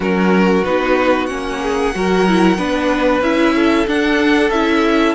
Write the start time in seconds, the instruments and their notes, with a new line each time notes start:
0.00 cello F#3, viola C#4, violin F#4 A#4
0.64 cello B3, viola D#4, violin B4
1.26 cello A#3, viola C#4, violin F#5
1.62 violin G#4
1.94 cello F#3, viola F#4, violin A#4
2.27 viola E4
2.57 cello B3, viola D4, violin B4
3.21 cello C#4, viola E4, violin E5
3.55 violin A4
3.87 viola D4, cello D4, violin F#5
4.50 cello C#4, viola E4, violin E5